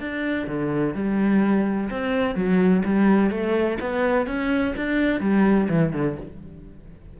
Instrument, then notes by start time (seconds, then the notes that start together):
cello
0.00 D4
0.47 D3
0.94 G3
1.90 C4
2.35 F#3
2.85 G3
3.31 A3
3.80 B3
4.27 C#4
4.76 D4
5.21 G3
5.69 E3
5.93 D3